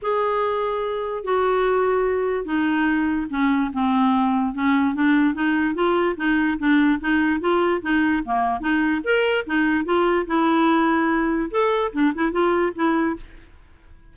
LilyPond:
\new Staff \with { instrumentName = "clarinet" } { \time 4/4 \tempo 4 = 146 gis'2. fis'4~ | fis'2 dis'2 | cis'4 c'2 cis'4 | d'4 dis'4 f'4 dis'4 |
d'4 dis'4 f'4 dis'4 | ais4 dis'4 ais'4 dis'4 | f'4 e'2. | a'4 d'8 e'8 f'4 e'4 | }